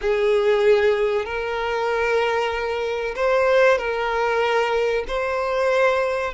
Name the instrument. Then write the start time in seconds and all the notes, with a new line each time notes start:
violin
0.01 G#4
1.25 A#4
3.15 C5
3.78 A#4
5.07 C5